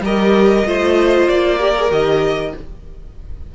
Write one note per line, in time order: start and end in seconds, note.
0.00 0.62 G3
0.00 0.65 G4
0.00 0.66 A#4
0.00 1.28 D#5
0.65 1.28 A3
0.65 1.59 F4
0.65 1.58 C5
1.28 1.90 A#3
1.28 1.90 D5
1.58 1.75 G4
1.58 2.52 A#4
1.76 1.89 G#4
1.89 2.53 D#3
1.89 2.52 G4
1.89 2.54 D#5